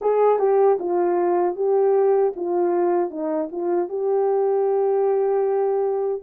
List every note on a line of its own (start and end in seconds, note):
0.01 0.39 G#4
0.39 0.78 G4
0.79 1.55 F4
1.55 2.33 G4
2.36 3.10 F4
3.10 3.49 D#4
3.51 3.89 F4
3.89 6.22 G4